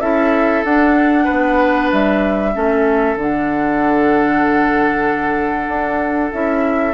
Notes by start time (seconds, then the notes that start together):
0.00 C#4 E4 A4 E5
0.64 D4 F#5
1.24 B4
1.30 B3
1.91 G3 E5
2.54 A3 C#4 A4
3.15 D3 D4 F#5
5.67 D4
6.32 C#4 E4 E5